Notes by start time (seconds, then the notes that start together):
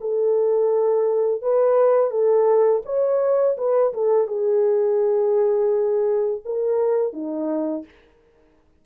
0.00 A4
1.42 B4
2.10 A4
2.85 C#5
3.57 B4
3.93 A4
4.27 G#4
6.45 A#4
7.13 D#4